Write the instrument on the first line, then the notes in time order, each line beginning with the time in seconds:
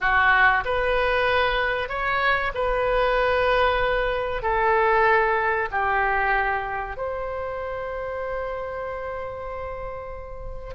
oboe
0.00 F#4
0.64 B4
1.88 C#5
2.54 B4
4.42 A4
5.71 G4
6.96 C5